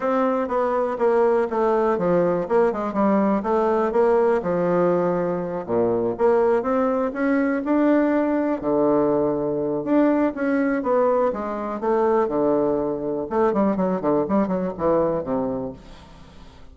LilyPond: \new Staff \with { instrumentName = "bassoon" } { \time 4/4 \tempo 4 = 122 c'4 b4 ais4 a4 | f4 ais8 gis8 g4 a4 | ais4 f2~ f8 ais,8~ | ais,8 ais4 c'4 cis'4 d'8~ |
d'4. d2~ d8 | d'4 cis'4 b4 gis4 | a4 d2 a8 g8 | fis8 d8 g8 fis8 e4 c4 | }